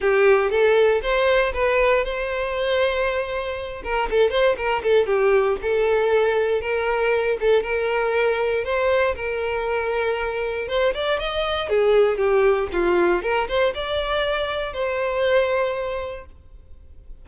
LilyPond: \new Staff \with { instrumentName = "violin" } { \time 4/4 \tempo 4 = 118 g'4 a'4 c''4 b'4 | c''2.~ c''8 ais'8 | a'8 c''8 ais'8 a'8 g'4 a'4~ | a'4 ais'4. a'8 ais'4~ |
ais'4 c''4 ais'2~ | ais'4 c''8 d''8 dis''4 gis'4 | g'4 f'4 ais'8 c''8 d''4~ | d''4 c''2. | }